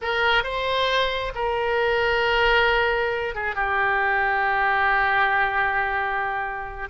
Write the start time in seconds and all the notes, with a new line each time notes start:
0.01 A#4
0.43 C5
1.34 A#4
3.34 G#4
3.55 G4